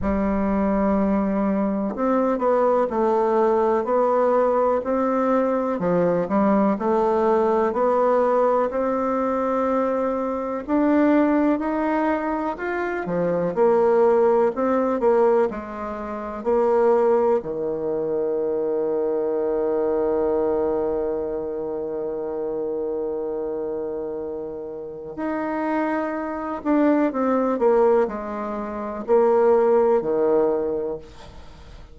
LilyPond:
\new Staff \with { instrumentName = "bassoon" } { \time 4/4 \tempo 4 = 62 g2 c'8 b8 a4 | b4 c'4 f8 g8 a4 | b4 c'2 d'4 | dis'4 f'8 f8 ais4 c'8 ais8 |
gis4 ais4 dis2~ | dis1~ | dis2 dis'4. d'8 | c'8 ais8 gis4 ais4 dis4 | }